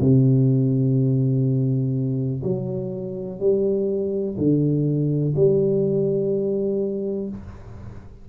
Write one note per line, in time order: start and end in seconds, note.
0.00 2.42 C3
2.43 3.40 F#3
3.40 4.36 G3
4.38 5.34 D3
5.36 7.29 G3